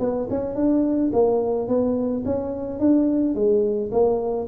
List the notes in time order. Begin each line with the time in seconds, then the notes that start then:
0.00 B3
0.30 C#4
0.56 D4
1.13 A#3
1.68 B3
2.25 C#4
2.80 D4
3.35 G#3
3.92 A#3